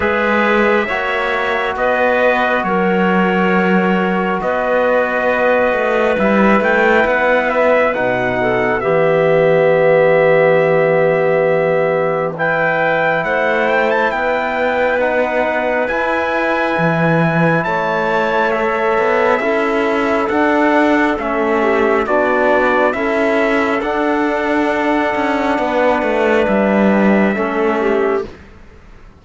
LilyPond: <<
  \new Staff \with { instrumentName = "trumpet" } { \time 4/4 \tempo 4 = 68 e''2 dis''4 cis''4~ | cis''4 dis''2 e''8 g''8 | fis''8 e''8 fis''4 e''2~ | e''2 g''4 fis''8 g''16 a''16 |
g''4 fis''4 gis''2 | a''4 e''2 fis''4 | e''4 d''4 e''4 fis''4~ | fis''2 e''2 | }
  \new Staff \with { instrumentName = "clarinet" } { \time 4/4 b'4 cis''4 b'4 ais'4~ | ais'4 b'2.~ | b'4. a'8 g'2~ | g'2 b'4 c''4 |
b'1 | cis''2 a'2~ | a'8 g'8 fis'4 a'2~ | a'4 b'2 a'8 g'8 | }
  \new Staff \with { instrumentName = "trombone" } { \time 4/4 gis'4 fis'2.~ | fis'2. e'4~ | e'4 dis'4 b2~ | b2 e'2~ |
e'4 dis'4 e'2~ | e'4 a'4 e'4 d'4 | cis'4 d'4 e'4 d'4~ | d'2. cis'4 | }
  \new Staff \with { instrumentName = "cello" } { \time 4/4 gis4 ais4 b4 fis4~ | fis4 b4. a8 g8 a8 | b4 b,4 e2~ | e2. a4 |
b2 e'4 e4 | a4. b8 cis'4 d'4 | a4 b4 cis'4 d'4~ | d'8 cis'8 b8 a8 g4 a4 | }
>>